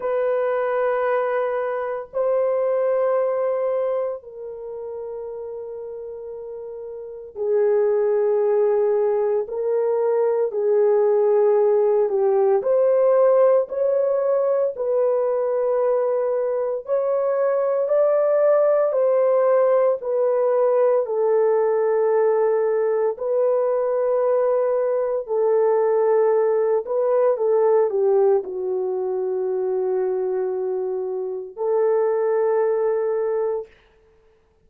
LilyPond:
\new Staff \with { instrumentName = "horn" } { \time 4/4 \tempo 4 = 57 b'2 c''2 | ais'2. gis'4~ | gis'4 ais'4 gis'4. g'8 | c''4 cis''4 b'2 |
cis''4 d''4 c''4 b'4 | a'2 b'2 | a'4. b'8 a'8 g'8 fis'4~ | fis'2 a'2 | }